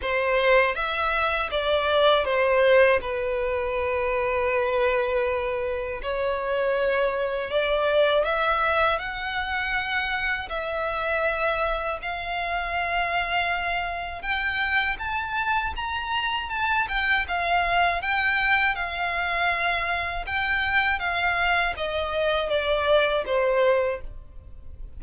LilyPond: \new Staff \with { instrumentName = "violin" } { \time 4/4 \tempo 4 = 80 c''4 e''4 d''4 c''4 | b'1 | cis''2 d''4 e''4 | fis''2 e''2 |
f''2. g''4 | a''4 ais''4 a''8 g''8 f''4 | g''4 f''2 g''4 | f''4 dis''4 d''4 c''4 | }